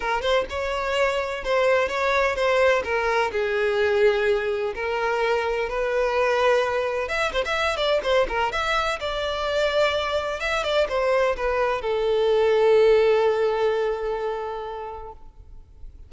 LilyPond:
\new Staff \with { instrumentName = "violin" } { \time 4/4 \tempo 4 = 127 ais'8 c''8 cis''2 c''4 | cis''4 c''4 ais'4 gis'4~ | gis'2 ais'2 | b'2. e''8 c''16 e''16~ |
e''8 d''8 c''8 ais'8 e''4 d''4~ | d''2 e''8 d''8 c''4 | b'4 a'2.~ | a'1 | }